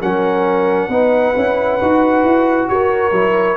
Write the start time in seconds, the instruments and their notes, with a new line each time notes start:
0.00 tuba F#3, trombone C#4, horn A#4, trumpet F#5
0.88 tuba B3, trombone D#4, horn B4
1.35 tuba C#4, trombone E4
1.81 tuba D#4, trombone F#4
2.23 tuba E4
2.68 tuba F#4, horn A#4, trumpet C#5
3.12 tuba F#3, trombone E4